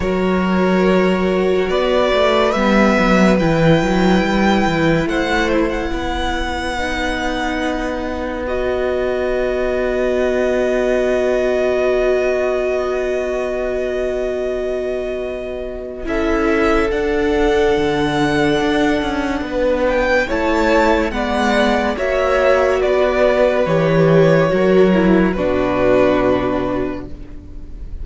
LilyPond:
<<
  \new Staff \with { instrumentName = "violin" } { \time 4/4 \tempo 4 = 71 cis''2 d''4 e''4 | g''2 fis''8 e'16 fis''4~ fis''16~ | fis''2 dis''2~ | dis''1~ |
dis''2. e''4 | fis''2.~ fis''8 g''8 | a''4 fis''4 e''4 d''4 | cis''2 b'2 | }
  \new Staff \with { instrumentName = "violin" } { \time 4/4 ais'2 b'2~ | b'2 c''4 b'4~ | b'1~ | b'1~ |
b'2. a'4~ | a'2. b'4 | cis''4 d''4 cis''4 b'4~ | b'4 ais'4 fis'2 | }
  \new Staff \with { instrumentName = "viola" } { \time 4/4 fis'2. b4 | e'1 | dis'2 fis'2~ | fis'1~ |
fis'2. e'4 | d'1 | e'4 b4 fis'2 | g'4 fis'8 e'8 d'2 | }
  \new Staff \with { instrumentName = "cello" } { \time 4/4 fis2 b8 a8 g8 fis8 | e8 fis8 g8 e8 a4 b4~ | b1~ | b1~ |
b2. cis'4 | d'4 d4 d'8 cis'8 b4 | a4 gis4 ais4 b4 | e4 fis4 b,2 | }
>>